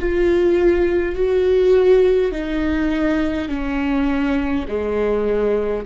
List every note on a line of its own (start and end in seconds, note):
0.00 1.16 F4
1.16 2.33 F#4
2.33 3.49 D#4
3.49 4.67 C#4
4.68 5.86 G#3